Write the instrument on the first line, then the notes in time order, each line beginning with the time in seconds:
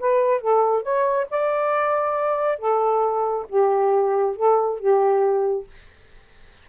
saxophone
0.00 B4
0.41 A4
0.83 C#5
1.31 D5
2.59 A4
3.49 G4
4.36 A4
4.80 G4